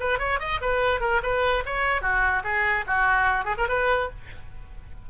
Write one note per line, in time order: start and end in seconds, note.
0.00 0.19 B4
0.19 0.39 C#5
0.40 0.60 D#5
0.61 1.00 B4
1.00 1.21 A#4
1.23 1.64 B4
1.66 2.02 C#5
2.02 2.43 F#4
2.44 2.85 G#4
2.87 3.45 F#4
3.45 3.55 G#4
3.57 3.68 A#4
3.69 4.10 B4